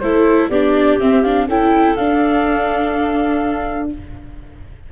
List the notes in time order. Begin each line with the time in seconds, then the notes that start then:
0.00 A3 E4 A4 C5
0.50 B3 D4 G4 D5
1.01 C4 E5
1.23 D4 F5
1.48 C#4 E4 A4 G5
1.96 D4 F5